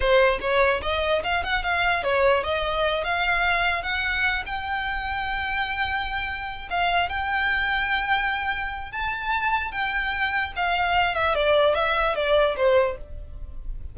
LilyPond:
\new Staff \with { instrumentName = "violin" } { \time 4/4 \tempo 4 = 148 c''4 cis''4 dis''4 f''8 fis''8 | f''4 cis''4 dis''4. f''8~ | f''4. fis''4. g''4~ | g''1~ |
g''8 f''4 g''2~ g''8~ | g''2 a''2 | g''2 f''4. e''8 | d''4 e''4 d''4 c''4 | }